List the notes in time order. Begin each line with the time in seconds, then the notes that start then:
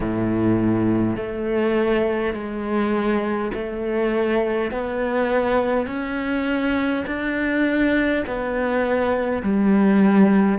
0.00 A2
1.16 A3
2.33 G#3
3.53 A3
4.71 B3
5.87 C#4
7.06 D4
8.26 B3
9.42 G3